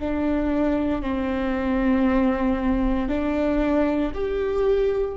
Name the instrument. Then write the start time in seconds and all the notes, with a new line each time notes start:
viola
0.00 D4
1.03 C4
3.09 D4
4.15 G4